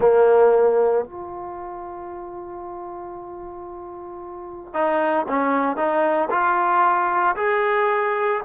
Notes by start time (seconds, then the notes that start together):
0.00 A#3
1.05 F4
4.73 D#4
5.28 C#4
5.76 D#4
6.30 F4
7.35 G#4